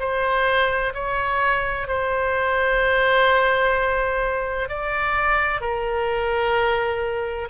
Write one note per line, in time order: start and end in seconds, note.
0.00 0.94 C5
0.94 1.88 C#5
1.88 4.69 C5
4.69 5.61 D5
5.61 7.49 A#4